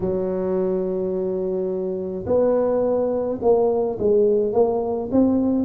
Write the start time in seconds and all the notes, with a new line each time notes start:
0.00 F#3
2.26 B3
3.41 A#3
3.99 G#3
4.53 A#3
5.11 C4